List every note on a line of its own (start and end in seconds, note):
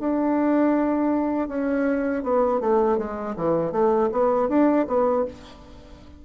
0.00 1.49 D4
1.49 2.23 C#4
2.23 2.60 B3
2.60 2.98 A3
2.98 3.35 G#3
3.36 3.72 E3
3.72 4.10 A3
4.12 4.49 B3
4.49 4.86 D4
4.88 5.25 B3